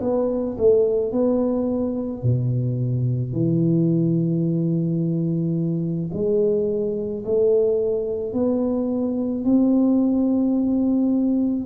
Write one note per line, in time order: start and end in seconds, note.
0.00 0.56 B3
0.58 1.12 A3
1.12 2.22 B3
2.22 3.32 B2
3.32 6.10 E3
6.13 7.24 G#3
7.25 8.33 A3
8.33 9.44 B3
9.44 11.66 C4